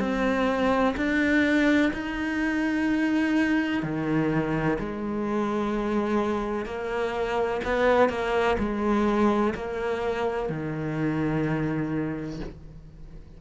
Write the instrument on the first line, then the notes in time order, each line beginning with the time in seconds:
cello
0.00 C4
0.97 D4
1.94 D#4
3.83 D#3
4.79 G#3
6.66 A#3
7.65 B3
8.10 A#3
8.59 G#3
9.55 A#3
10.50 D#3